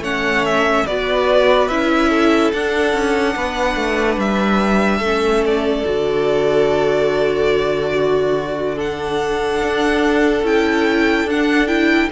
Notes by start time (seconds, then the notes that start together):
0.00 A3 C#4 C#5 F#5
0.45 E5
0.86 B3 F#4 B4 D5
1.68 C#4 E4 E5
2.10 A4
2.53 D4 F#5
2.93 C#4
3.35 B3 B4
3.76 A3
4.17 G3 E5
4.98 A3 C#4 A4
5.45 D5
5.85 D3 F#4
7.95 F#4
8.76 D4 A4 F#5
9.61 D4
10.43 C#4 E4 G5
11.24 D4 F#5
11.67 E4 G5